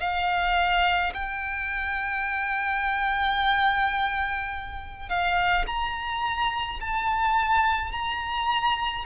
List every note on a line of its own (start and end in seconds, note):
0.00 1.13 F5
1.14 5.09 G5
5.09 5.66 F5
5.67 6.80 A#5
6.81 7.92 A5
7.92 9.05 A#5